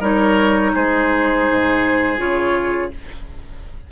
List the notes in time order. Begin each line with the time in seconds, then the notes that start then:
0.00 G3 D#4 A#4 C#5
0.74 G#3 G#4 C5
1.51 G#2
2.18 C#3 F4 C#5